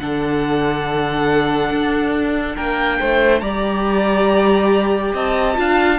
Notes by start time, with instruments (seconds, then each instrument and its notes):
0.00 cello D3, viola D4, violin A4 F#5
1.71 cello D4
2.56 cello A#3, violin A#4 G5
3.01 cello A3, violin C5
3.41 cello G3, viola G4, violin D5 A#5
5.14 cello C4, violin D#5 A5
5.55 cello D4, viola F4, violin F5